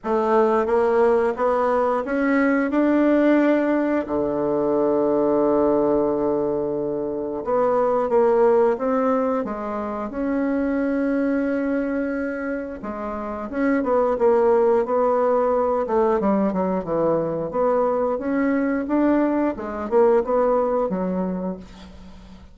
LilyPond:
\new Staff \with { instrumentName = "bassoon" } { \time 4/4 \tempo 4 = 89 a4 ais4 b4 cis'4 | d'2 d2~ | d2. b4 | ais4 c'4 gis4 cis'4~ |
cis'2. gis4 | cis'8 b8 ais4 b4. a8 | g8 fis8 e4 b4 cis'4 | d'4 gis8 ais8 b4 fis4 | }